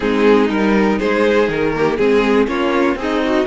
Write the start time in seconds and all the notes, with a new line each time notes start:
0.00 G#3 C4 D#4 G#4
0.49 G3 D#4 A#4
0.98 G#3 G#4 C5
1.48 D#3 A#4
1.74 A#3 G4
1.96 G#3 C4 G#4
2.46 A#3 C#4 F4 C#5
2.95 C4 D#4 G#4
3.01 D#5
3.24 F#4